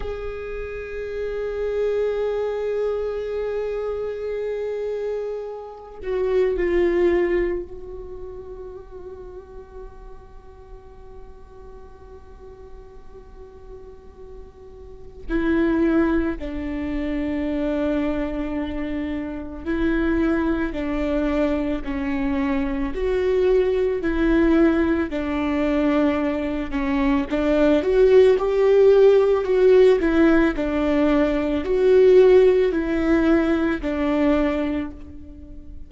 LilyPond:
\new Staff \with { instrumentName = "viola" } { \time 4/4 \tempo 4 = 55 gis'1~ | gis'4. fis'8 f'4 fis'4~ | fis'1~ | fis'2 e'4 d'4~ |
d'2 e'4 d'4 | cis'4 fis'4 e'4 d'4~ | d'8 cis'8 d'8 fis'8 g'4 fis'8 e'8 | d'4 fis'4 e'4 d'4 | }